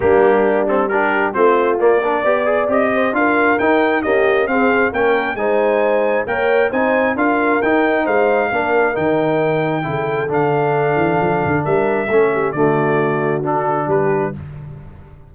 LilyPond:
<<
  \new Staff \with { instrumentName = "trumpet" } { \time 4/4 \tempo 4 = 134 g'4. a'8 ais'4 c''4 | d''2 dis''4 f''4 | g''4 dis''4 f''4 g''4 | gis''2 g''4 gis''4 |
f''4 g''4 f''2 | g''2. f''4~ | f''2 e''2 | d''2 a'4 b'4 | }
  \new Staff \with { instrumentName = "horn" } { \time 4/4 d'2 g'4 f'4~ | f'8 ais'8 d''4. c''8 ais'4~ | ais'4 g'4 gis'4 ais'4 | c''2 cis''4 c''4 |
ais'2 c''4 ais'4~ | ais'2 a'2~ | a'2 ais'4 a'8 g'8 | fis'2. g'4 | }
  \new Staff \with { instrumentName = "trombone" } { \time 4/4 ais4. c'8 d'4 c'4 | ais8 d'8 g'8 gis'8 g'4 f'4 | dis'4 ais4 c'4 cis'4 | dis'2 ais'4 dis'4 |
f'4 dis'2 d'4 | dis'2 e'4 d'4~ | d'2. cis'4 | a2 d'2 | }
  \new Staff \with { instrumentName = "tuba" } { \time 4/4 g2. a4 | ais4 b4 c'4 d'4 | dis'4 cis'4 c'4 ais4 | gis2 ais4 c'4 |
d'4 dis'4 gis4 ais4 | dis2 cis4 d4~ | d8 e8 f8 d8 g4 a4 | d2. g4 | }
>>